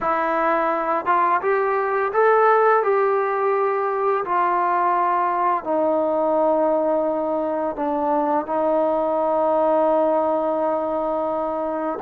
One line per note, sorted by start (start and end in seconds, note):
0.01 1.05 E4
1.05 1.41 F4
1.41 2.12 G4
2.12 2.83 A4
2.83 4.24 G4
4.24 5.64 F4
5.64 7.76 D#4
7.76 8.45 D4
8.45 11.98 D#4